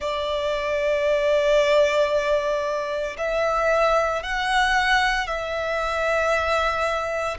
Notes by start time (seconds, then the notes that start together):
0.00 D5
3.17 E5
4.22 F#5
5.27 E5